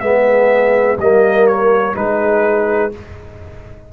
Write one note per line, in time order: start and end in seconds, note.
0.00 0.97 G#3
0.00 0.98 B3
0.00 1.00 G#4
0.00 0.97 E5
0.98 1.94 G3
0.98 1.95 A#3
0.98 1.96 A#4
0.98 1.47 D#5
1.47 1.96 C#5
1.95 2.93 G#3
1.95 2.92 D#4
1.95 2.93 G#4
1.95 2.93 B4